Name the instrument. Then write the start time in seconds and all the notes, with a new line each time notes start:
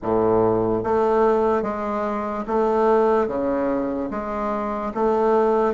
bassoon
0.02 A2
0.83 A3
1.62 G#3
2.47 A3
3.27 C#3
4.10 G#3
4.94 A3